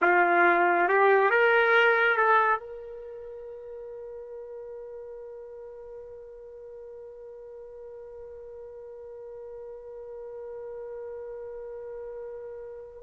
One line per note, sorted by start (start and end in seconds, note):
0.01 0.88 F4
0.88 1.30 G4
1.30 2.17 A#4
2.17 2.59 A4
2.59 13.02 A#4